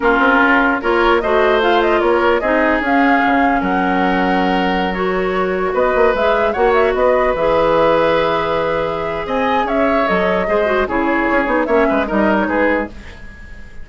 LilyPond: <<
  \new Staff \with { instrumentName = "flute" } { \time 4/4 \tempo 4 = 149 ais'2 cis''4 dis''4 | f''8 dis''8 cis''4 dis''4 f''4~ | f''4 fis''2.~ | fis''16 cis''2 dis''4 e''8.~ |
e''16 fis''8 e''8 dis''4 e''4.~ e''16~ | e''2. gis''4 | e''4 dis''2 cis''4~ | cis''4 e''4 dis''8. cis''16 b'4 | }
  \new Staff \with { instrumentName = "oboe" } { \time 4/4 f'2 ais'4 c''4~ | c''4 ais'4 gis'2~ | gis'4 ais'2.~ | ais'2~ ais'16 b'4.~ b'16~ |
b'16 cis''4 b'2~ b'8.~ | b'2. dis''4 | cis''2 c''4 gis'4~ | gis'4 cis''8 b'8 ais'4 gis'4 | }
  \new Staff \with { instrumentName = "clarinet" } { \time 4/4 cis'2 f'4 fis'4 | f'2 dis'4 cis'4~ | cis'1~ | cis'16 fis'2. gis'8.~ |
gis'16 fis'2 gis'4.~ gis'16~ | gis'1~ | gis'4 a'4 gis'8 fis'8 e'4~ | e'8 dis'8 cis'4 dis'2 | }
  \new Staff \with { instrumentName = "bassoon" } { \time 4/4 ais8 c'8 cis'4 ais4 a4~ | a4 ais4 c'4 cis'4 | cis4 fis2.~ | fis2~ fis16 b8 ais8 gis8.~ |
gis16 ais4 b4 e4.~ e16~ | e2. c'4 | cis'4 fis4 gis4 cis4 | cis'8 b8 ais8 gis8 g4 gis4 | }
>>